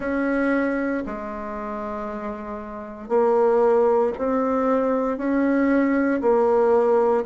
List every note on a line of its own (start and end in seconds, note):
0.00 1.03 C#4
1.06 3.08 G#3
3.08 4.12 A#3
4.18 5.17 C4
5.17 6.21 C#4
6.21 7.24 A#3